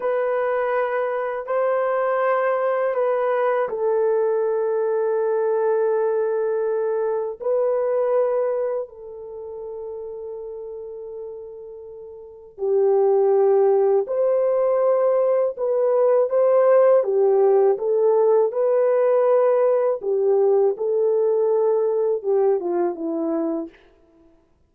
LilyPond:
\new Staff \with { instrumentName = "horn" } { \time 4/4 \tempo 4 = 81 b'2 c''2 | b'4 a'2.~ | a'2 b'2 | a'1~ |
a'4 g'2 c''4~ | c''4 b'4 c''4 g'4 | a'4 b'2 g'4 | a'2 g'8 f'8 e'4 | }